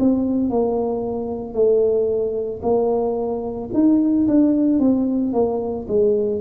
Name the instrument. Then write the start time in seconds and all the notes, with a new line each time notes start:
tuba
0.00 C4
0.50 A#3
1.54 A3
2.63 A#3
3.75 D#4
4.29 D4
4.80 C4
5.33 A#3
5.89 G#3